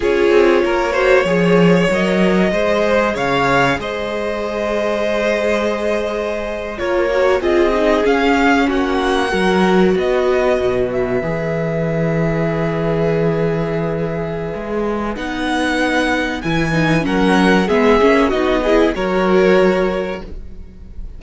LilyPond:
<<
  \new Staff \with { instrumentName = "violin" } { \time 4/4 \tempo 4 = 95 cis''2. dis''4~ | dis''4 f''4 dis''2~ | dis''2~ dis''8. cis''4 dis''16~ | dis''8. f''4 fis''2 dis''16~ |
dis''4~ dis''16 e''2~ e''8.~ | e''1 | fis''2 gis''4 fis''4 | e''4 dis''4 cis''2 | }
  \new Staff \with { instrumentName = "violin" } { \time 4/4 gis'4 ais'8 c''8 cis''2 | c''4 cis''4 c''2~ | c''2~ c''8. ais'4 gis'16~ | gis'4.~ gis'16 fis'4 ais'4 b'16~ |
b'1~ | b'1~ | b'2. ais'4 | gis'4 fis'8 gis'8 ais'2 | }
  \new Staff \with { instrumentName = "viola" } { \time 4/4 f'4. fis'8 gis'4 ais'4 | gis'1~ | gis'2~ gis'8. f'8 fis'8 f'16~ | f'16 dis'8 cis'2 fis'4~ fis'16~ |
fis'4.~ fis'16 gis'2~ gis'16~ | gis'1 | dis'2 e'8 dis'8 cis'4 | b8 cis'8 dis'8 e'8 fis'2 | }
  \new Staff \with { instrumentName = "cello" } { \time 4/4 cis'8 c'8 ais4 f4 fis4 | gis4 cis4 gis2~ | gis2~ gis8. ais4 c'16~ | c'8. cis'4 ais4 fis4 b16~ |
b8. b,4 e2~ e16~ | e2. gis4 | b2 e4 fis4 | gis8 ais8 b4 fis2 | }
>>